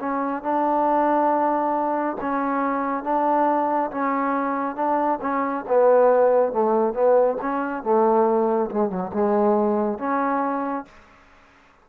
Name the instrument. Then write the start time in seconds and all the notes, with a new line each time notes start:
trombone
0.00 C#4
0.43 D4
2.21 C#4
3.04 D4
3.91 C#4
4.76 D4
5.22 C#4
5.68 B3
6.53 A3
6.94 B3
7.42 C#4
7.83 A3
8.71 G#3
8.90 F#3
9.13 G#3
9.99 C#4